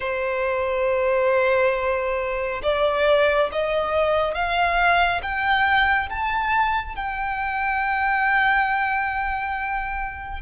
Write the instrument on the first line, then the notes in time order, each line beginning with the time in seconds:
violin
0.00 C5
2.62 D5
3.51 D#5
4.34 F5
5.22 G5
6.09 A5
6.95 G5